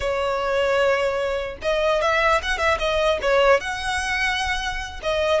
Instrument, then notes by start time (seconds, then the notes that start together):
violin
0.00 C#5
1.62 D#5
2.01 E5
2.42 F#5
2.58 E5
2.78 D#5
3.21 C#5
3.60 F#5
5.02 D#5